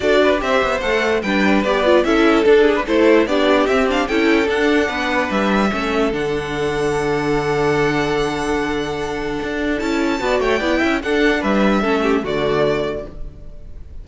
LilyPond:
<<
  \new Staff \with { instrumentName = "violin" } { \time 4/4 \tempo 4 = 147 d''4 e''4 fis''4 g''4 | d''4 e''4 a'8. b'16 c''4 | d''4 e''8 f''8 g''4 fis''4~ | fis''4 e''2 fis''4~ |
fis''1~ | fis''1 | a''4. g''4. fis''4 | e''2 d''2 | }
  \new Staff \with { instrumentName = "violin" } { \time 4/4 a'8 b'8 c''2 b'4~ | b'4 a'4. gis'8 a'4 | g'2 a'2 | b'2 a'2~ |
a'1~ | a'1~ | a'4 d''8 cis''8 d''8 e''8 a'4 | b'4 a'8 g'8 fis'2 | }
  \new Staff \with { instrumentName = "viola" } { \time 4/4 fis'4 g'4 a'4 d'4 | g'8 f'8 e'4 d'4 e'4 | d'4 c'8 d'8 e'4 d'4~ | d'2 cis'4 d'4~ |
d'1~ | d'1 | e'4 fis'4 e'4 d'4~ | d'4 cis'4 a2 | }
  \new Staff \with { instrumentName = "cello" } { \time 4/4 d'4 c'8 b8 a4 g4 | b4 cis'4 d'4 a4 | b4 c'4 cis'4 d'4 | b4 g4 a4 d4~ |
d1~ | d2. d'4 | cis'4 b8 a8 b8 cis'8 d'4 | g4 a4 d2 | }
>>